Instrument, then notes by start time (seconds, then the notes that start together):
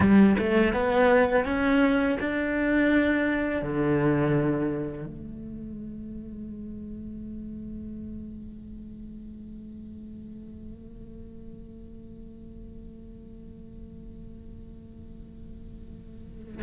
cello
0.00 G3
0.38 A3
0.73 B3
1.45 C#4
2.19 D4
3.61 D3
5.06 A3